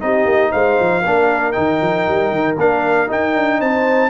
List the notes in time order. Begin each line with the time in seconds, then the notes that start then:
0.00 C4 D#4 G4 D#5
0.25 A#3
0.51 G#3 C5 F5
0.80 F3
1.02 A#3 D4 A#4
1.52 D#3 D#4 G5
1.81 F3
2.08 G3
2.30 D#3
2.57 A#3 D4 F5
3.07 D#4 G5
3.35 D4
3.59 C4 C5 A5